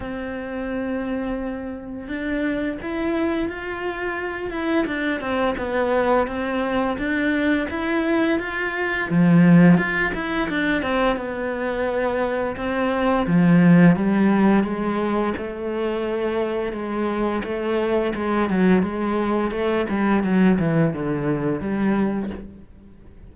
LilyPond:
\new Staff \with { instrumentName = "cello" } { \time 4/4 \tempo 4 = 86 c'2. d'4 | e'4 f'4. e'8 d'8 c'8 | b4 c'4 d'4 e'4 | f'4 f4 f'8 e'8 d'8 c'8 |
b2 c'4 f4 | g4 gis4 a2 | gis4 a4 gis8 fis8 gis4 | a8 g8 fis8 e8 d4 g4 | }